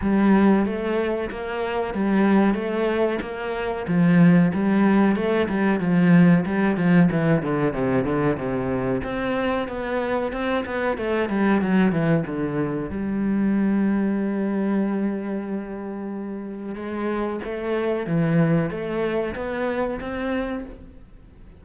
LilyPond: \new Staff \with { instrumentName = "cello" } { \time 4/4 \tempo 4 = 93 g4 a4 ais4 g4 | a4 ais4 f4 g4 | a8 g8 f4 g8 f8 e8 d8 | c8 d8 c4 c'4 b4 |
c'8 b8 a8 g8 fis8 e8 d4 | g1~ | g2 gis4 a4 | e4 a4 b4 c'4 | }